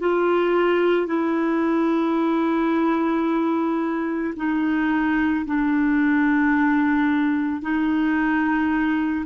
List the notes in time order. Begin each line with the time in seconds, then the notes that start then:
0.00 F4
1.07 E4
4.36 D#4
5.46 D4
7.62 D#4